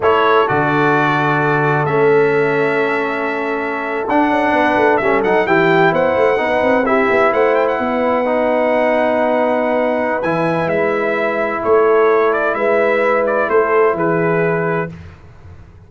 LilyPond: <<
  \new Staff \with { instrumentName = "trumpet" } { \time 4/4 \tempo 4 = 129 cis''4 d''2. | e''1~ | e''8. fis''2 e''8 fis''8 g''16~ | g''8. fis''2 e''4 fis''16~ |
fis''16 g''16 fis''2.~ fis''8~ | fis''2 gis''4 e''4~ | e''4 cis''4. d''8 e''4~ | e''8 d''8 c''4 b'2 | }
  \new Staff \with { instrumentName = "horn" } { \time 4/4 a'1~ | a'1~ | a'4.~ a'16 b'4 a'4 g'16~ | g'8. c''4 b'4 g'4 c''16~ |
c''8. b'2.~ b'16~ | b'1~ | b'4 a'2 b'4~ | b'4 a'4 gis'2 | }
  \new Staff \with { instrumentName = "trombone" } { \time 4/4 e'4 fis'2. | cis'1~ | cis'8. d'2 cis'8 dis'8 e'16~ | e'4.~ e'16 dis'4 e'4~ e'16~ |
e'4.~ e'16 dis'2~ dis'16~ | dis'2 e'2~ | e'1~ | e'1 | }
  \new Staff \with { instrumentName = "tuba" } { \time 4/4 a4 d2. | a1~ | a8. d'8 cis'8 b8 a8 g8 fis8 e16~ | e8. b8 a8 b8 c'4 b8 a16~ |
a8. b2.~ b16~ | b2 e4 gis4~ | gis4 a2 gis4~ | gis4 a4 e2 | }
>>